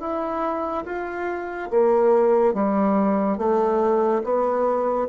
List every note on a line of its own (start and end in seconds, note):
0.00 0.85 E4
0.86 1.70 F4
1.71 2.54 A#3
2.54 3.38 G3
3.38 4.23 A3
4.24 5.09 B3